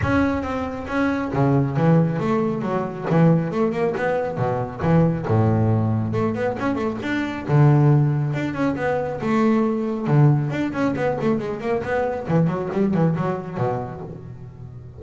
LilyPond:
\new Staff \with { instrumentName = "double bass" } { \time 4/4 \tempo 4 = 137 cis'4 c'4 cis'4 cis4 | e4 a4 fis4 e4 | a8 ais8 b4 b,4 e4 | a,2 a8 b8 cis'8 a8 |
d'4 d2 d'8 cis'8 | b4 a2 d4 | d'8 cis'8 b8 a8 gis8 ais8 b4 | e8 fis8 g8 e8 fis4 b,4 | }